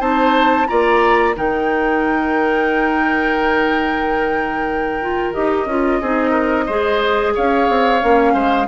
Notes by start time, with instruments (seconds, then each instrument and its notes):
0.00 bassoon C4, clarinet D#4, oboe C5, flute A5
0.68 bassoon A#3, clarinet F4, oboe D5, flute A#5
1.36 bassoon D#3, clarinet D#4, oboe A#4, flute G5
5.02 clarinet F4
5.34 bassoon D#4, clarinet G4, flute D#5
5.66 bassoon C#4, clarinet F4
6.01 bassoon C4, clarinet D#4, oboe G#4
6.31 oboe A#4
6.67 bassoon G#3, clarinet G#4, oboe C5
7.35 bassoon C#4, oboe C#5, flute F5
7.69 bassoon C4
8.01 bassoon A#3, clarinet C#4
8.33 bassoon G#3, oboe C5